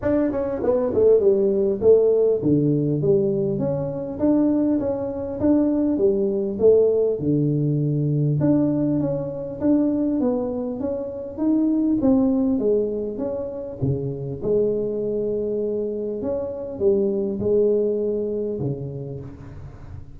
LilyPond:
\new Staff \with { instrumentName = "tuba" } { \time 4/4 \tempo 4 = 100 d'8 cis'8 b8 a8 g4 a4 | d4 g4 cis'4 d'4 | cis'4 d'4 g4 a4 | d2 d'4 cis'4 |
d'4 b4 cis'4 dis'4 | c'4 gis4 cis'4 cis4 | gis2. cis'4 | g4 gis2 cis4 | }